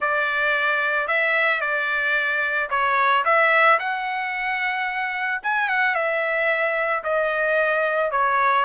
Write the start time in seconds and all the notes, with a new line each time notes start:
0.00 D5
1.07 E5
1.61 D5
2.70 C#5
3.24 E5
3.79 F#5
5.43 G#5
5.68 F#5
5.95 E5
7.03 D#5
8.11 C#5